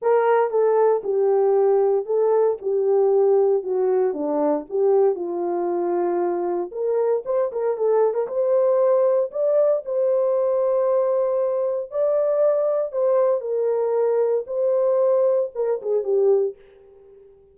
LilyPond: \new Staff \with { instrumentName = "horn" } { \time 4/4 \tempo 4 = 116 ais'4 a'4 g'2 | a'4 g'2 fis'4 | d'4 g'4 f'2~ | f'4 ais'4 c''8 ais'8 a'8. ais'16 |
c''2 d''4 c''4~ | c''2. d''4~ | d''4 c''4 ais'2 | c''2 ais'8 gis'8 g'4 | }